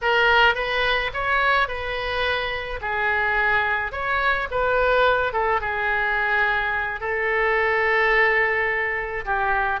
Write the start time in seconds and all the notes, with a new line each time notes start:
0.01 A#4
0.54 B4
1.13 C#5
1.67 B4
2.81 G#4
3.92 C#5
4.50 B4
5.32 A4
5.60 G#4
7.00 A4
9.25 G4